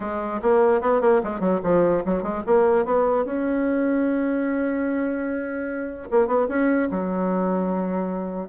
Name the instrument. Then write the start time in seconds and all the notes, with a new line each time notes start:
bassoon
0.00 G#3
0.42 A#3
0.81 B3
1.01 A#3
1.23 G#3
1.40 F#3
1.63 F3
2.05 F#3
2.22 G#3
2.46 A#3
2.85 B3
3.25 C#4
6.10 A#3
6.27 B3
6.48 C#4
6.90 F#3